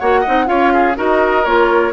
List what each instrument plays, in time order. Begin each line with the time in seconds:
0.00 bassoon A#3, clarinet F#4, oboe C#5, flute F#5
0.21 clarinet D#4, oboe D#5
0.28 bassoon C4
0.46 bassoon C#4, clarinet F4, oboe C#5, flute F5
0.73 oboe G#4
0.96 bassoon D#4, clarinet F#4, oboe A#4, flute D#5
1.45 bassoon A#3, clarinet F4, flute C#5